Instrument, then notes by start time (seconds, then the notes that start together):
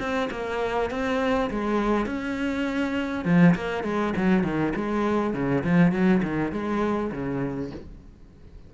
cello
0.00 C4
0.31 A#3
0.91 C4
1.51 G#3
2.06 C#4
3.25 F3
3.56 A#3
3.84 G#3
4.17 F#3
4.44 D#3
4.76 G#3
5.34 C#3
5.64 F3
5.92 F#3
6.23 D#3
6.52 G#3
7.12 C#3